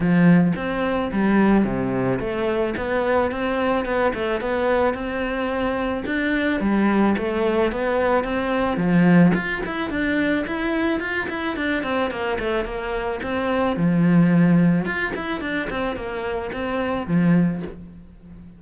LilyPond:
\new Staff \with { instrumentName = "cello" } { \time 4/4 \tempo 4 = 109 f4 c'4 g4 c4 | a4 b4 c'4 b8 a8 | b4 c'2 d'4 | g4 a4 b4 c'4 |
f4 f'8 e'8 d'4 e'4 | f'8 e'8 d'8 c'8 ais8 a8 ais4 | c'4 f2 f'8 e'8 | d'8 c'8 ais4 c'4 f4 | }